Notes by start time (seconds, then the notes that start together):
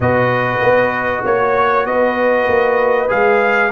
0.00 B2 F#4 B4 D#5
0.61 B3
1.23 A#3 C#5
1.86 B3 B4 D#5
2.48 A#3
3.08 G#3 G#4 F5